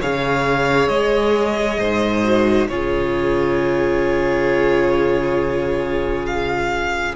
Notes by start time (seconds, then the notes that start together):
0.00 C#3 G#4 C#5 F5
0.88 G#3 D#5
1.78 G#2 C5
2.23 F#4
2.68 C#3 F4 G#4 C#5
6.25 F5